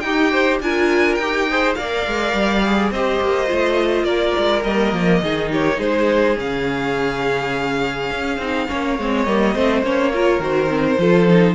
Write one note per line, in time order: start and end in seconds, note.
0.00 0.60 D#4
0.00 0.31 D#4
0.00 0.62 G4
0.00 0.58 G5
0.31 0.60 C5
0.60 1.18 D4
0.60 1.20 F4
0.60 1.49 A#4
0.60 1.15 G#5
1.15 1.76 D#4
1.15 1.73 G5
1.22 1.49 G4
1.49 1.76 G#4
1.49 1.78 C5
1.75 2.06 A#3
1.75 2.62 A#4
1.75 2.92 D5
1.75 2.90 F5
2.07 2.33 G#3
2.33 2.91 G3
2.66 2.94 G#4
2.91 3.20 C4
2.91 3.46 G4
2.91 4.06 C5
2.91 4.04 D#5
3.21 3.49 A#3
3.46 4.03 A3
3.46 4.62 F4
4.03 4.32 A#3
4.03 5.21 A#4
4.03 4.62 D5
4.38 4.65 G#3
4.64 4.92 G3
4.64 5.23 A#3
4.64 5.50 D#5
4.92 5.21 F3
5.22 5.78 D#3
5.22 6.35 D#4
5.22 5.51 G#4
5.51 5.78 G4
5.51 5.80 C#5
5.78 6.36 G#3
5.78 8.66 G#4
5.78 6.38 C5
6.35 8.10 C#3
6.35 8.37 C#4
6.35 9.24 F5
8.10 8.38 C#4
8.38 8.67 C4
8.38 8.68 D#4
8.68 8.98 A#3
8.68 8.97 C#4
8.68 9.54 C#5
8.98 9.27 G#3
8.98 9.27 C4
9.24 9.55 G3
9.24 9.54 A#3
9.24 9.81 D#5
9.54 9.83 A3
9.54 9.83 C4
9.54 10.12 C5
9.83 10.39 A#3
9.83 10.11 C#4
9.83 10.42 C#5
10.13 10.41 F4
10.13 11.00 A#4
10.39 10.97 D#3
10.39 10.68 F#4
10.39 11.54 C5
10.68 10.97 C4
10.98 11.54 F3
10.98 11.27 F4
10.98 11.54 A4
11.29 11.54 D#4